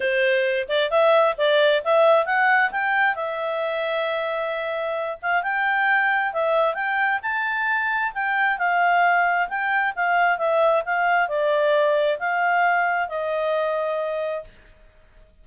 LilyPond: \new Staff \with { instrumentName = "clarinet" } { \time 4/4 \tempo 4 = 133 c''4. d''8 e''4 d''4 | e''4 fis''4 g''4 e''4~ | e''2.~ e''8 f''8 | g''2 e''4 g''4 |
a''2 g''4 f''4~ | f''4 g''4 f''4 e''4 | f''4 d''2 f''4~ | f''4 dis''2. | }